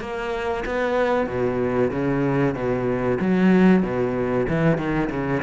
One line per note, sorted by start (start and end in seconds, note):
0.00 0.64 A#3
0.65 1.26 B3
1.26 1.90 B2
1.91 2.54 C#3
2.54 3.18 B2
3.20 3.82 F#3
3.82 4.46 B2
4.48 4.77 E3
4.77 5.09 D#3
5.10 5.42 C#3